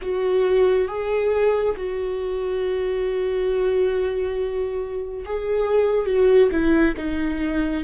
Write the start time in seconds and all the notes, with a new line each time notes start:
0.01 F#4
0.88 G#4
1.76 F#4
5.25 G#4
6.06 F#4
6.51 E4
6.96 D#4